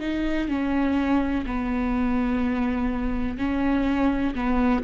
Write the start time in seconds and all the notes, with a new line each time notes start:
0.00 D#4
0.48 C#4
1.46 B3
3.38 C#4
4.35 B3